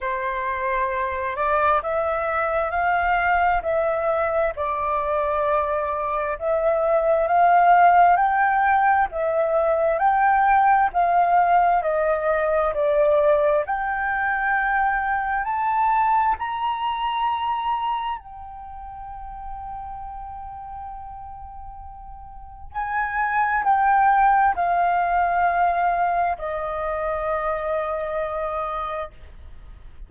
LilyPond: \new Staff \with { instrumentName = "flute" } { \time 4/4 \tempo 4 = 66 c''4. d''8 e''4 f''4 | e''4 d''2 e''4 | f''4 g''4 e''4 g''4 | f''4 dis''4 d''4 g''4~ |
g''4 a''4 ais''2 | g''1~ | g''4 gis''4 g''4 f''4~ | f''4 dis''2. | }